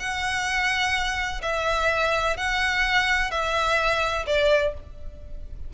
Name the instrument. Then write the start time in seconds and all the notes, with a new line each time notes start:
violin
0.00 F#5
1.43 E5
2.37 F#5
3.31 E5
4.27 D5